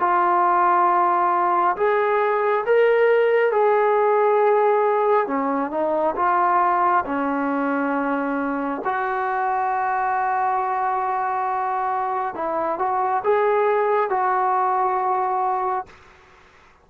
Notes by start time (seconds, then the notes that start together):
0.00 F4
1.76 G#4
2.66 A#4
3.52 G#4
5.27 C#4
5.71 D#4
6.16 F4
7.05 C#4
8.85 F#4
12.35 E4
12.79 F#4
13.24 G#4
14.10 F#4